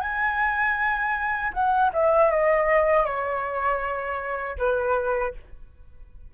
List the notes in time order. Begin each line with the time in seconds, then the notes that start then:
0.00 G#5
1.53 F#5
1.93 E5
2.30 D#5
3.04 C#5
4.58 B4